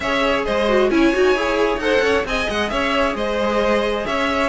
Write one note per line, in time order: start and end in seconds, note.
0.00 0.45 C#4
0.00 0.68 G#4
0.00 0.45 C#5
0.00 0.43 E5
0.45 0.90 G#3
0.45 0.90 C5
0.45 0.90 D#5
0.68 0.90 F#4
0.90 1.12 C#4
0.90 1.13 E4
0.90 1.83 C#5
0.90 1.79 G#5
1.13 1.35 D#4
1.13 1.35 F#4
1.35 1.77 E4
1.35 1.80 G#4
1.77 1.99 D#4
1.77 2.25 A4
1.77 2.03 C5
1.77 2.24 F#5
2.01 2.24 C#4
2.01 2.26 C#5
2.24 2.47 C4
2.24 4.49 G#4
2.24 2.72 D#5
2.24 2.49 G#5
2.49 2.71 G#3
2.49 2.69 F#5
2.69 3.14 C#4
2.69 3.16 C#5
2.69 3.14 E5
3.14 4.05 G#3
3.14 4.06 C5
3.14 4.06 D#5
4.06 4.49 C#4
4.06 4.49 C#5
4.06 4.49 E5